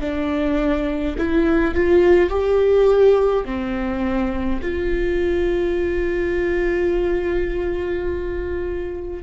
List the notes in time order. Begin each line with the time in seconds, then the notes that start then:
0.00 D4
1.18 E4
1.74 F4
2.30 G4
3.45 C4
4.62 F4